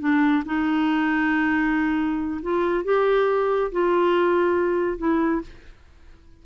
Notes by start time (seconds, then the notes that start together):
0.00 D4
0.45 D#4
2.42 F4
2.84 G4
3.72 F4
4.98 E4